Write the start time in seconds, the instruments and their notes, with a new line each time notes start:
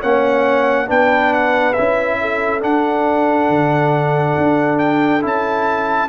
0.00 tuba A#3, trombone C#4, horn C#5, trumpet F#5
0.87 tuba B3, trombone D4, horn B4, trumpet G5
1.33 trumpet F#5
1.73 tuba C#4, trombone E4, trumpet E5
2.21 horn A4
2.61 trombone D4, tuba D4, trumpet F#5
3.49 tuba D3
4.38 tuba D4
4.79 trumpet G5
5.22 tuba C#4, trombone E4, trumpet A5